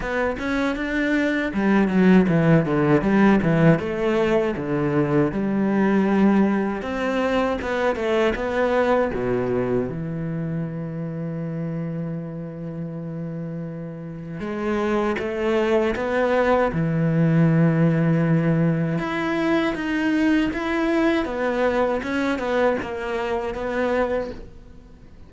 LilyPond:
\new Staff \with { instrumentName = "cello" } { \time 4/4 \tempo 4 = 79 b8 cis'8 d'4 g8 fis8 e8 d8 | g8 e8 a4 d4 g4~ | g4 c'4 b8 a8 b4 | b,4 e2.~ |
e2. gis4 | a4 b4 e2~ | e4 e'4 dis'4 e'4 | b4 cis'8 b8 ais4 b4 | }